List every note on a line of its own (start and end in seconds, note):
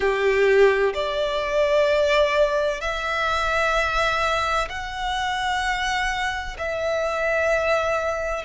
0.00 0.93 G4
0.94 2.80 D5
2.80 4.68 E5
4.69 6.56 F#5
6.58 8.44 E5